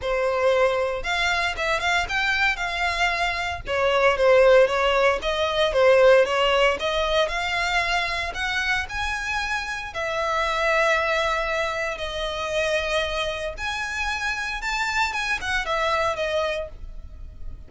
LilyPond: \new Staff \with { instrumentName = "violin" } { \time 4/4 \tempo 4 = 115 c''2 f''4 e''8 f''8 | g''4 f''2 cis''4 | c''4 cis''4 dis''4 c''4 | cis''4 dis''4 f''2 |
fis''4 gis''2 e''4~ | e''2. dis''4~ | dis''2 gis''2 | a''4 gis''8 fis''8 e''4 dis''4 | }